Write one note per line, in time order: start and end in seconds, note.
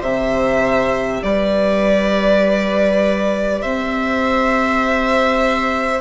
0.00 1.22 C3
0.00 6.01 G4
0.00 1.20 C5
0.00 1.23 E5
1.23 3.63 G3
1.23 3.63 B4
1.23 3.62 D5
3.62 6.01 C4
3.62 6.01 C5
3.62 6.01 E5